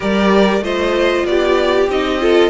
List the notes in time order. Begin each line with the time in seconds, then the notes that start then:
0.00 G3 G4 A#4 D5
0.61 A3 F4 C5 D#5
1.24 B3 G4 D5
1.88 C4 D#4 D#5
2.20 F4 A4